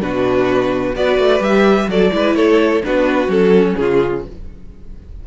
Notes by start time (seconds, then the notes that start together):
0.00 B2 D4 F#4 B4
0.94 B3 F#4 B4 D5
1.18 A3
1.39 G3 G4 E5
1.86 F#3 F#4 A4 D5
2.11 G#3 E4 B4
2.35 A3 A4 C#5
2.83 B3 D4 F#4 B4
3.27 F#3 C#4 A4
3.76 C#3 F4 G#4